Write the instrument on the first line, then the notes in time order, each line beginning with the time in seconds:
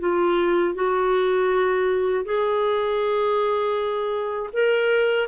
clarinet
0.00 F4
0.75 F#4
2.25 G#4
4.53 A#4